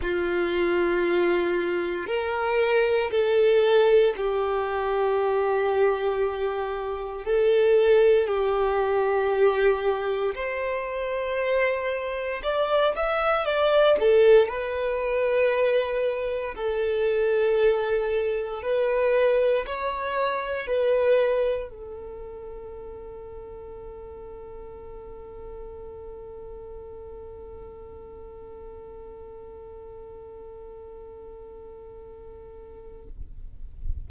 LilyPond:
\new Staff \with { instrumentName = "violin" } { \time 4/4 \tempo 4 = 58 f'2 ais'4 a'4 | g'2. a'4 | g'2 c''2 | d''8 e''8 d''8 a'8 b'2 |
a'2 b'4 cis''4 | b'4 a'2.~ | a'1~ | a'1 | }